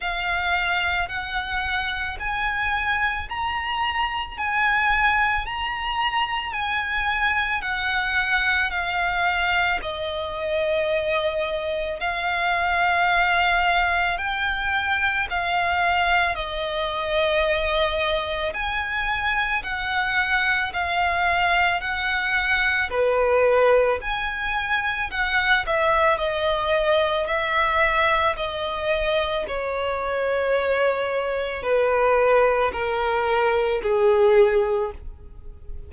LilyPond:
\new Staff \with { instrumentName = "violin" } { \time 4/4 \tempo 4 = 55 f''4 fis''4 gis''4 ais''4 | gis''4 ais''4 gis''4 fis''4 | f''4 dis''2 f''4~ | f''4 g''4 f''4 dis''4~ |
dis''4 gis''4 fis''4 f''4 | fis''4 b'4 gis''4 fis''8 e''8 | dis''4 e''4 dis''4 cis''4~ | cis''4 b'4 ais'4 gis'4 | }